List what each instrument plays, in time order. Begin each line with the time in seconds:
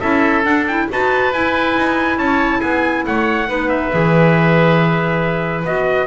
0.00 double bass C#4, clarinet E4, oboe A4, trumpet E5
0.44 clarinet D4, double bass D4, trumpet F#5
0.67 clarinet E4, trumpet G5
0.90 double bass D#4, clarinet F#4, oboe B4, trumpet A5
1.32 double bass E4, clarinet E4, trumpet G#5
1.77 double bass D#4
2.18 double bass C#4, oboe C#5, trumpet A5
2.59 double bass B3, oboe G#4, trumpet G#5
3.06 double bass A3, oboe C#5, trumpet F#5
3.48 double bass B3, clarinet D#4, oboe B4
3.69 trumpet E5
3.91 double bass E3, clarinet G#4
5.65 double bass B3, clarinet F#4, trumpet D#5